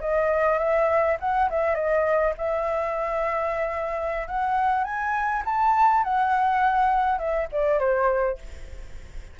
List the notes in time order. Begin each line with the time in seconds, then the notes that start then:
0.00 D#5
0.58 E5
1.20 F#5
1.50 E5
1.75 D#5
2.37 E5
4.27 F#5
4.84 G#5
5.45 A5
6.03 F#5
7.18 E5
7.52 D5
7.79 C5